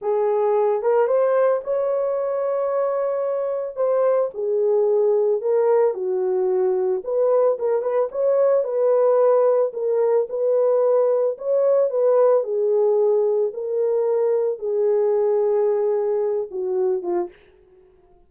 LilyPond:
\new Staff \with { instrumentName = "horn" } { \time 4/4 \tempo 4 = 111 gis'4. ais'8 c''4 cis''4~ | cis''2. c''4 | gis'2 ais'4 fis'4~ | fis'4 b'4 ais'8 b'8 cis''4 |
b'2 ais'4 b'4~ | b'4 cis''4 b'4 gis'4~ | gis'4 ais'2 gis'4~ | gis'2~ gis'8 fis'4 f'8 | }